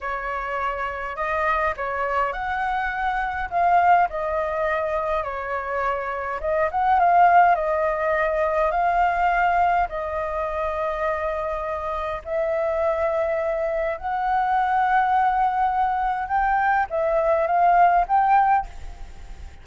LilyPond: \new Staff \with { instrumentName = "flute" } { \time 4/4 \tempo 4 = 103 cis''2 dis''4 cis''4 | fis''2 f''4 dis''4~ | dis''4 cis''2 dis''8 fis''8 | f''4 dis''2 f''4~ |
f''4 dis''2.~ | dis''4 e''2. | fis''1 | g''4 e''4 f''4 g''4 | }